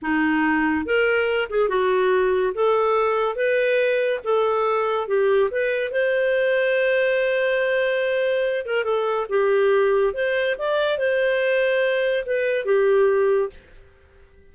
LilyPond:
\new Staff \with { instrumentName = "clarinet" } { \time 4/4 \tempo 4 = 142 dis'2 ais'4. gis'8 | fis'2 a'2 | b'2 a'2 | g'4 b'4 c''2~ |
c''1~ | c''8 ais'8 a'4 g'2 | c''4 d''4 c''2~ | c''4 b'4 g'2 | }